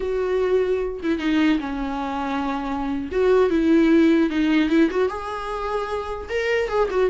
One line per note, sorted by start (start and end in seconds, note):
0.00 1.00 F#4
1.02 1.19 E4
1.19 1.59 D#4
1.59 3.09 C#4
3.11 3.50 F#4
3.50 4.29 E4
4.29 4.69 D#4
4.69 4.89 E4
4.90 5.09 F#4
5.09 6.29 G#4
6.29 6.68 A#4
6.68 6.88 G#4
6.90 7.10 F#4